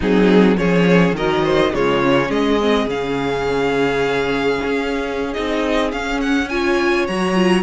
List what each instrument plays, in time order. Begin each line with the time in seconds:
0.00 cello F#3, viola C4, violin D#4 G#4
0.57 cello F3, viola C#4, violin G#4 C#5
1.12 cello D#3, viola F#3, violin A#4 D#5
1.43 violin C5
1.72 cello C#3, viola G#3, violin F4 C#5
2.02 viola C#4
2.28 cello G#3, violin G#4 D#5
2.60 viola C4
2.85 cello C#3, viola C#4, violin F5
4.64 cello C#4
5.33 cello C4, viola D#4, violin D#5
5.91 viola C#4, cello C#4, violin F5
6.21 violin F#5
6.48 viola F4, violin C#5 G#5
7.07 cello F#3, viola F#4, violin A#5
7.35 viola F4